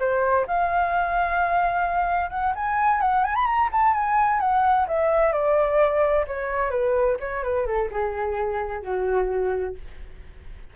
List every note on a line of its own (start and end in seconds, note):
0.00 0.47 C5
0.48 2.31 F5
2.31 2.54 F#5
2.56 3.01 G#5
3.01 3.24 F#5
3.25 3.36 G#5
3.36 3.46 B5
3.46 3.70 A#5
3.72 3.94 A5
3.94 4.41 G#5
4.41 4.87 F#5
4.88 5.33 E5
5.33 6.26 D5
6.27 6.71 C#5
6.71 7.17 B4
7.21 7.44 C#5
7.44 7.67 B4
7.67 7.90 A4
7.92 8.83 G#4
8.83 9.76 F#4